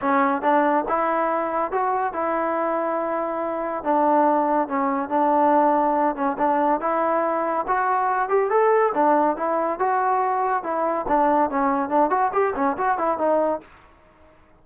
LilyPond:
\new Staff \with { instrumentName = "trombone" } { \time 4/4 \tempo 4 = 141 cis'4 d'4 e'2 | fis'4 e'2.~ | e'4 d'2 cis'4 | d'2~ d'8 cis'8 d'4 |
e'2 fis'4. g'8 | a'4 d'4 e'4 fis'4~ | fis'4 e'4 d'4 cis'4 | d'8 fis'8 g'8 cis'8 fis'8 e'8 dis'4 | }